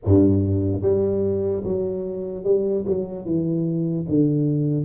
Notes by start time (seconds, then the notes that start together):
0.04 G2
0.82 G3
1.64 F#3
2.44 G3
2.86 F#3
3.25 E3
4.08 D3